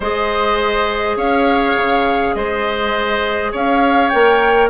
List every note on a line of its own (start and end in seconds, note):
0.00 1.16 G#3
0.00 4.12 G#4
0.00 1.17 C5
0.00 1.17 D#5
1.16 1.75 C#4
1.16 2.35 C#5
1.16 2.34 F5
1.76 2.34 C#3
2.34 3.52 G#3
2.34 3.52 C5
2.34 3.52 D#5
3.52 4.12 C#4
3.52 4.69 C#5
3.52 4.09 F5
4.09 4.69 A#3
4.09 4.69 A#4
4.09 4.68 G5